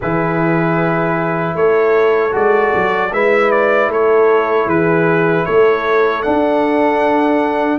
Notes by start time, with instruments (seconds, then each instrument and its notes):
0.00 tuba E3, trombone E4, horn G#4, trumpet B4
1.54 tuba A3, horn A4, trumpet C#5
2.31 tuba G#3, trombone F#4, trumpet D5
2.75 tuba F#3
3.12 tuba G#3, trombone E4, horn B4, trumpet E5
3.51 trumpet D5
3.87 tuba A3, horn A4, trumpet C#5
4.66 tuba E3, horn G#4, trumpet B4
5.45 tuba A3, horn A4, trumpet C#5
6.22 trombone D4, tuba D4, trumpet F#5